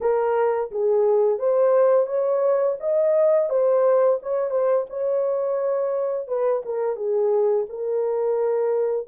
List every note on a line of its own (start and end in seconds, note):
0.00 0.70 A#4
0.71 1.38 G#4
1.38 2.06 C5
2.06 2.76 C#5
2.80 3.49 D#5
3.49 4.19 C5
4.22 4.50 C#5
4.50 4.85 C5
4.89 6.27 C#5
6.27 6.62 B4
6.65 6.96 A#4
6.96 7.66 G#4
7.69 9.07 A#4